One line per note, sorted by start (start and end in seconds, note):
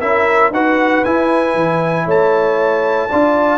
0.00 0.51 C#4
0.00 0.52 E4
0.00 0.52 A#4
0.00 0.51 E5
0.51 1.02 D#4
0.51 1.05 F#4
0.51 2.05 B4
0.51 1.04 F#5
1.04 3.10 E4
1.04 1.54 E4
1.04 2.07 G#5
1.54 2.06 E3
2.05 3.09 A3
2.05 3.08 C#5
2.05 3.58 A5
3.09 3.58 D4
3.09 3.58 F4
3.09 3.58 D5